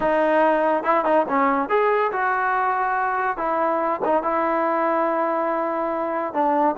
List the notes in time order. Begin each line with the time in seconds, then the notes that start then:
0.00 D#4
0.83 E4
1.04 D#4
1.28 C#4
1.69 G#4
2.12 F#4
3.37 E4
4.04 D#4
4.22 E4
6.33 D4